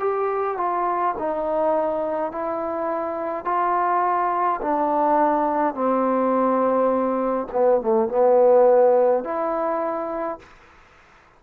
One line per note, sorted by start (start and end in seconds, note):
0.00 0.58 G4
0.58 1.15 F4
1.19 2.32 D#4
2.32 3.45 E4
3.45 4.60 F4
4.62 5.74 D4
5.74 7.48 C4
7.53 7.81 B3
7.81 8.09 A3
8.09 9.24 B3
9.24 10.40 E4